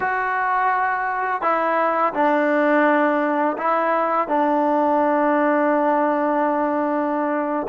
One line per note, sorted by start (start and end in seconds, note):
0.00 1.41 F#4
1.41 2.13 E4
2.13 3.56 D4
3.57 4.28 E4
4.28 7.67 D4